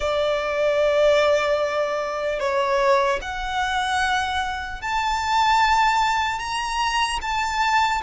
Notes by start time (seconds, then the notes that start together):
0.00 D5
2.39 C#5
3.21 F#5
4.81 A5
6.39 A#5
7.21 A5